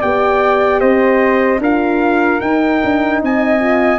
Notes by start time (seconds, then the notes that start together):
0.00 B3 G4 D5 G5
0.80 C4 C5 D#5
1.59 D4 F4 A#4 F5
2.41 D#4 G5
2.84 D4
3.23 C4 D#5 G#5
3.60 F4